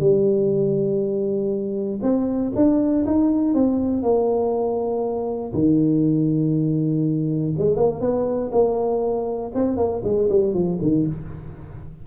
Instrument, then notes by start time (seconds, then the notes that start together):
tuba
0.00 G3
2.02 C4
2.56 D4
3.06 D#4
3.55 C4
4.03 A#3
5.54 D#3
7.58 G#3
7.77 A#3
8.01 B3
8.52 A#3
9.55 C4
9.77 A#3
10.04 G#3
10.30 G3
10.54 F3
10.82 D#3